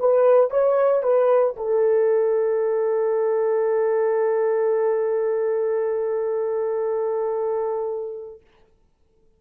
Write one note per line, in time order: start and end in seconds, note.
0.00 0.51 B4
0.51 1.03 C#5
1.03 1.56 B4
1.57 8.41 A4